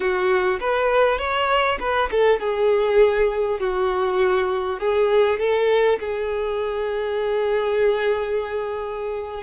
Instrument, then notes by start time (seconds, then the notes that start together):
violin
0.00 F#4
0.60 B4
1.18 C#5
1.79 B4
2.11 A4
2.40 G#4
3.59 F#4
4.79 G#4
5.39 A4
5.99 G#4